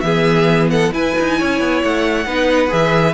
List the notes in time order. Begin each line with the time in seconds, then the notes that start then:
0.00 E3 B3 G#4 E5
0.71 A4 F#5
0.92 E4 B4 G#5
1.20 D#4
1.38 C#4 C#5
1.60 B3
1.84 A3 F#5
2.26 B3 D#4 B4
2.69 E3 G#4 E5